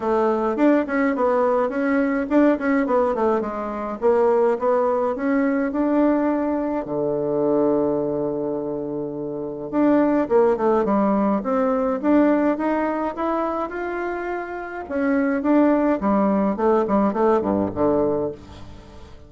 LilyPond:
\new Staff \with { instrumentName = "bassoon" } { \time 4/4 \tempo 4 = 105 a4 d'8 cis'8 b4 cis'4 | d'8 cis'8 b8 a8 gis4 ais4 | b4 cis'4 d'2 | d1~ |
d4 d'4 ais8 a8 g4 | c'4 d'4 dis'4 e'4 | f'2 cis'4 d'4 | g4 a8 g8 a8 g,8 d4 | }